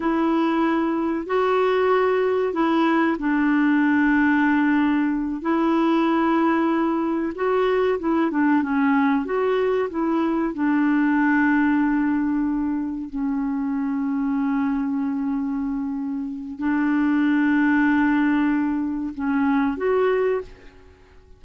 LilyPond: \new Staff \with { instrumentName = "clarinet" } { \time 4/4 \tempo 4 = 94 e'2 fis'2 | e'4 d'2.~ | d'8 e'2. fis'8~ | fis'8 e'8 d'8 cis'4 fis'4 e'8~ |
e'8 d'2.~ d'8~ | d'8 cis'2.~ cis'8~ | cis'2 d'2~ | d'2 cis'4 fis'4 | }